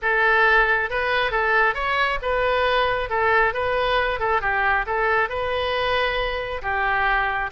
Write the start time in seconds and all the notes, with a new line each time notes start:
0.02 A4
0.89 B4
1.31 A4
1.74 C#5
2.22 B4
3.09 A4
3.53 B4
4.19 A4
4.41 G4
4.86 A4
5.29 B4
6.62 G4